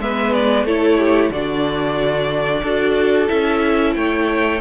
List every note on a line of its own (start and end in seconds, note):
0.00 0.65 G#3
0.00 0.67 B3
0.00 0.66 B4
0.00 0.34 E5
0.34 0.67 D5
0.65 1.30 A3
0.65 1.33 E4
0.65 0.99 A4
0.65 1.33 C#5
0.99 1.32 G4
1.30 2.62 D3
1.30 2.66 D4
1.30 2.63 F#4
1.30 3.29 D5
2.63 3.29 D4
2.63 3.28 F#4
2.63 3.95 A4
3.28 3.96 C#4
3.28 4.60 E4
3.28 3.95 E5
3.96 4.61 A3
3.96 4.61 C#5
3.96 4.61 G5